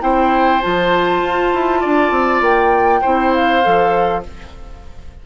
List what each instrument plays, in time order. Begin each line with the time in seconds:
0.00 bassoon C4, clarinet E4, oboe C5, flute G5
0.61 bassoon F3, clarinet F4, flute A5
1.22 bassoon F4
1.54 bassoon E4
1.80 bassoon D4, oboe D5
2.10 bassoon C4
2.41 bassoon A#3, flute G5
3.01 bassoon C4, clarinet E4, oboe C5
3.33 flute F5
3.62 bassoon F3, clarinet A4